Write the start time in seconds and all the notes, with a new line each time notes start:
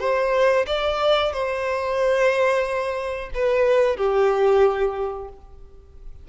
0.00 C5
0.67 D5
1.32 C5
3.34 B4
3.97 G4